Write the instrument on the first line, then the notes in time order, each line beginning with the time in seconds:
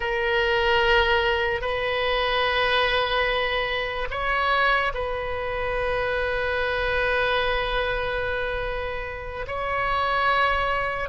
oboe
0.00 A#4
1.61 B4
4.10 C#5
4.94 B4
9.47 C#5